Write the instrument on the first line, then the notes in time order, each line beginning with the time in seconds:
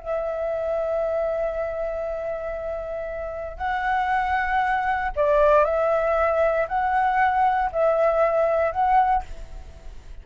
flute
0.00 E5
3.58 F#5
5.16 D5
5.65 E5
6.69 F#5
7.73 E5
8.72 F#5